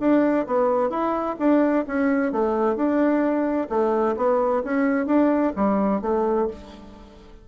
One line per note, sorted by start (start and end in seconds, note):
0.00 0.46 D4
0.47 0.90 B3
0.90 1.36 E4
1.39 1.85 D4
1.87 2.32 C#4
2.32 2.76 A3
2.76 3.68 D4
3.69 4.16 A3
4.17 4.63 B3
4.64 5.06 C#4
5.06 5.53 D4
5.56 6.01 G3
6.01 6.48 A3